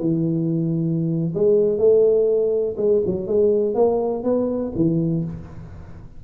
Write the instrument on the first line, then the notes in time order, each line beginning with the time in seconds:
tuba
0.00 E3
1.35 G#3
1.79 A3
2.77 G#3
3.06 F#3
3.27 G#3
3.75 A#3
4.24 B3
4.76 E3